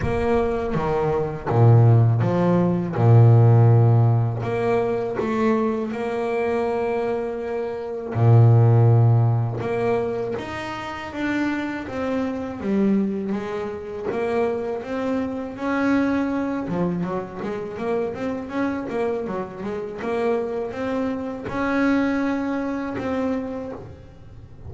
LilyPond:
\new Staff \with { instrumentName = "double bass" } { \time 4/4 \tempo 4 = 81 ais4 dis4 ais,4 f4 | ais,2 ais4 a4 | ais2. ais,4~ | ais,4 ais4 dis'4 d'4 |
c'4 g4 gis4 ais4 | c'4 cis'4. f8 fis8 gis8 | ais8 c'8 cis'8 ais8 fis8 gis8 ais4 | c'4 cis'2 c'4 | }